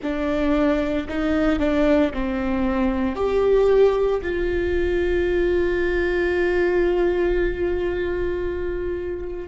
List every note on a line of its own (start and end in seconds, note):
0.02 1.07 D4
1.08 1.59 D#4
1.59 2.11 D4
2.13 3.15 C4
3.15 4.21 G4
4.22 9.48 F4